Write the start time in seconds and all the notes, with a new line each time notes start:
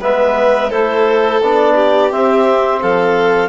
0.00 G#3 B3 B4 E5
0.69 A3 E4 A4 C5
1.41 B3 D4 D5
1.75 G4
2.11 C4 E5
2.81 F3 A4 F5